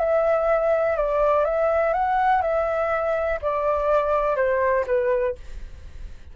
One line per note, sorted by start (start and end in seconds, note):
0.00 0.97 E5
0.97 1.45 D5
1.45 1.94 E5
1.94 2.42 F#5
2.42 3.40 E5
3.42 4.37 D5
4.37 4.86 C5
4.87 5.36 B4